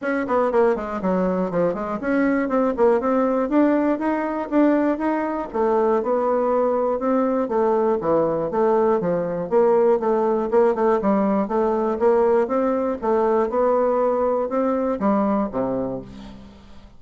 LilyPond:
\new Staff \with { instrumentName = "bassoon" } { \time 4/4 \tempo 4 = 120 cis'8 b8 ais8 gis8 fis4 f8 gis8 | cis'4 c'8 ais8 c'4 d'4 | dis'4 d'4 dis'4 a4 | b2 c'4 a4 |
e4 a4 f4 ais4 | a4 ais8 a8 g4 a4 | ais4 c'4 a4 b4~ | b4 c'4 g4 c4 | }